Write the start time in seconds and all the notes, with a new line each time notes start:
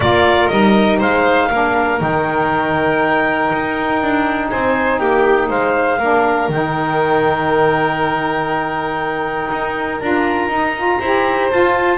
0.00 A#3 F4 A#4 D5
0.47 G3 D#4 D#5
0.98 G#3 C5 F5
1.48 A#3 D4 A#4
1.99 D#3 D#4 G5
3.52 D#4
4.01 D4
4.49 C4 C5 G#5
4.98 A#3 G4 G5
5.49 G#3 C5 F5
5.98 A#3 D4 A#4
6.48 D#3 D#4 G5
9.50 D#4
10.00 D4 F4 A#5
10.47 D#4
10.76 F4
10.99 E4 G4 C5
11.50 F4 A5